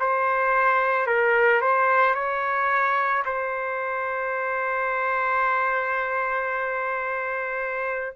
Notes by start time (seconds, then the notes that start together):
0.00 C5
1.07 A#4
1.62 C5
2.15 C#5
3.26 C5